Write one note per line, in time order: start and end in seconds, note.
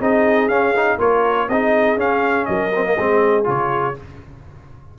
0.00 0.48 C4
0.00 0.50 D#4
0.00 0.98 G#4
0.00 0.48 D#5
0.48 0.98 C#4
0.48 0.75 C#4
0.48 0.98 F5
0.76 0.99 D#4
0.98 1.48 A#3
0.98 1.48 F4
0.98 1.47 A#4
0.98 1.49 C#5
1.48 1.96 C4
1.48 1.97 D#4
1.48 2.48 G#4
1.48 1.98 D#5
1.96 2.46 C#4
1.96 2.72 C#4
1.96 2.45 F5
2.45 2.98 F#3
2.45 2.98 A#4
2.45 3.44 D#5
2.75 2.85 C4
2.85 2.97 A#3
2.98 3.47 G#3
2.98 3.44 C4
2.98 3.98 G#4
3.44 3.97 C#3
3.44 3.94 F4
3.44 3.98 C#5